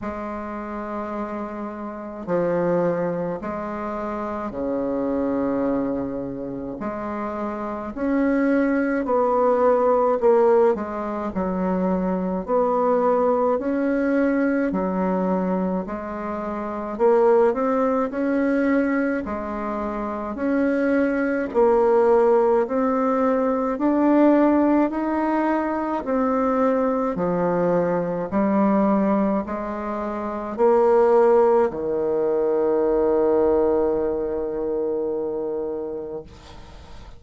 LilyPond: \new Staff \with { instrumentName = "bassoon" } { \time 4/4 \tempo 4 = 53 gis2 f4 gis4 | cis2 gis4 cis'4 | b4 ais8 gis8 fis4 b4 | cis'4 fis4 gis4 ais8 c'8 |
cis'4 gis4 cis'4 ais4 | c'4 d'4 dis'4 c'4 | f4 g4 gis4 ais4 | dis1 | }